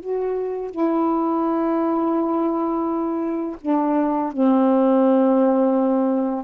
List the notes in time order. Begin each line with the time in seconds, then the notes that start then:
0.00 F#4
0.71 E4
3.61 D4
4.32 C4